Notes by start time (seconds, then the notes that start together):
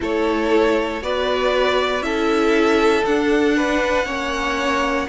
0.00 A3 E4 A4 C#5
1.01 B3 F#4 B4 D5
2.00 C#4 E4 A4 E5
3.05 D4 F#5
3.56 B4
4.05 A#3 C#4 C#5